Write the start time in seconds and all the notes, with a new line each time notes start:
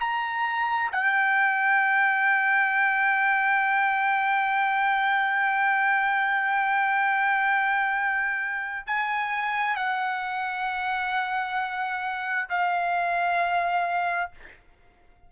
0.00 A#5
0.92 G5
8.87 G#5
9.76 F#5
12.50 F5